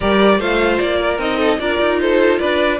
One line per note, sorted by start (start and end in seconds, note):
0.00 0.39 G3
0.00 0.40 G4
0.00 0.38 A#4
0.00 0.40 D5
0.38 0.79 A3
0.38 1.18 F4
0.38 0.98 C5
0.38 0.79 F5
0.79 1.18 A#3
0.79 1.19 D5
0.99 1.38 A#4
1.18 1.58 C4
1.18 1.58 D#4
1.18 1.59 D#5
1.38 1.58 A4
1.59 1.79 D4
1.59 2.79 F4
1.59 2.01 A#4
1.59 1.99 D5
1.79 2.39 D#4
2.00 2.40 A4
2.00 2.38 C5
2.38 2.80 D4
2.38 2.80 B4
2.38 2.78 D5